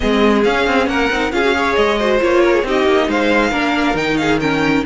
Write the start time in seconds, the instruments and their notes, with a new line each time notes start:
0.00 cello G#3, viola C4, violin G#4 D#5
0.44 viola C#4, cello C#4, violin F5
0.66 cello C4
0.87 cello A#3, violin A#4 F#5
1.10 cello C4, viola D#4
1.31 cello C#4, viola F4, violin G#4 F5
1.44 viola F#4
1.54 viola G#4, violin C#5
1.75 cello G#3, violin D#5
1.99 viola F#4, violin C5
2.19 cello A#3, viola F4, violin C#5
2.44 violin A#4
2.53 violin G#4
2.63 cello C4, viola D#4, violin G4 D#5
2.85 cello A#3
3.07 cello G#3, violin C5 F5
3.50 cello A#3, viola D4, violin A#4
3.94 cello D#3, viola D#4, violin G5
4.17 violin G#4 F5
4.40 viola C#4, violin A#4 G5